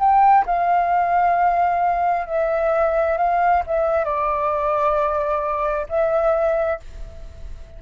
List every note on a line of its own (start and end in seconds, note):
0.00 0.45 G5
0.46 2.27 F5
2.27 3.18 E5
3.18 3.63 F5
3.67 4.05 E5
4.05 5.87 D5
5.90 6.81 E5